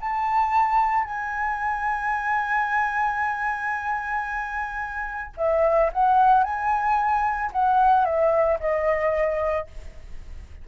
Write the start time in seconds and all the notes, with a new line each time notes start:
0.00 A5
1.04 G#5
5.36 E5
5.92 F#5
6.43 G#5
7.52 F#5
8.05 E5
8.60 D#5